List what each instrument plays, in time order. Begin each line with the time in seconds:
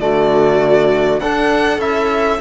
0.00 cello D3, trombone A3, viola F#4, violin D5
1.20 cello D4, trombone D4, viola A4, violin F#5
1.78 cello C#4, trombone E4, violin E5